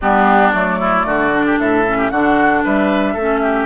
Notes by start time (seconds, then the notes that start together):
0.01 G3 B3 D4 G4
0.51 F#3 A3 D5
0.79 E4
1.05 D3 F#4
1.33 D4
1.46 G4
1.58 A2 A4 E5
1.86 C#4
1.97 G4
2.09 D3 D4 F#4 F#5
2.64 G3 B4 E5
3.13 A3 C#4 A4
3.42 G4